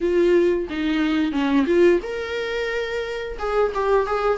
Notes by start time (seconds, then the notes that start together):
0.00 F4
0.69 D#4
1.31 C#4
1.66 F4
2.02 A#4
3.38 G#4
3.74 G4
4.06 G#4